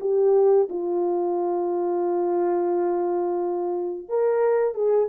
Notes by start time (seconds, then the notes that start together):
0.00 G4
0.69 F4
4.09 A#4
4.74 G#4